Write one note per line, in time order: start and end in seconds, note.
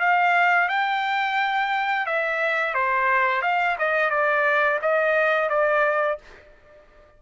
0.00 0.69 F5
0.69 2.07 G5
2.07 2.75 E5
2.75 3.42 C5
3.42 3.77 F5
3.79 4.11 D#5
4.11 4.80 D5
4.82 5.50 D#5
5.50 6.19 D5